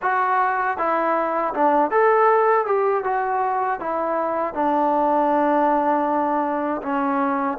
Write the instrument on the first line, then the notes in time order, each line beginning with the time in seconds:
trombone
0.02 F#4
0.77 E4
1.54 D4
1.90 A4
2.66 G4
3.04 F#4
3.79 E4
4.54 D4
6.82 C#4